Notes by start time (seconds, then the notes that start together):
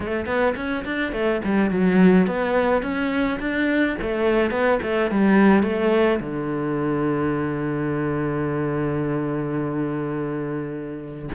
0.00 A3
0.25 B3
0.56 C#4
0.84 D4
1.12 A3
1.44 G3
1.70 F#3
2.26 B3
2.82 C#4
3.39 D4
4.01 A3
4.51 B3
4.82 A3
5.10 G3
5.62 A3
6.20 D3